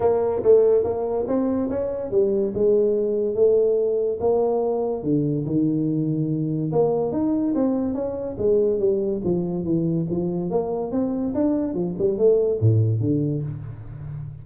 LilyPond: \new Staff \with { instrumentName = "tuba" } { \time 4/4 \tempo 4 = 143 ais4 a4 ais4 c'4 | cis'4 g4 gis2 | a2 ais2 | d4 dis2. |
ais4 dis'4 c'4 cis'4 | gis4 g4 f4 e4 | f4 ais4 c'4 d'4 | f8 g8 a4 a,4 d4 | }